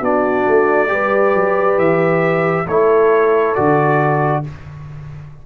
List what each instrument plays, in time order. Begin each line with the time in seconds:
0.00 tuba B3, trombone D4, horn F#4, trumpet D5
0.48 tuba A3
0.88 tuba G3, trombone G4, horn B4
1.35 tuba F#3
1.78 tuba E3, trumpet E5
2.67 tuba A3, trombone E4, horn A4, trumpet C#5
3.55 tuba D3, trombone F#4, trumpet D5